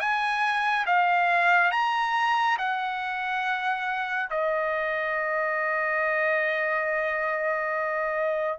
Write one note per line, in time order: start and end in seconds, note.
0.00 0.86 G#5
0.87 1.72 F5
1.72 2.58 A#5
2.58 4.30 F#5
4.31 8.59 D#5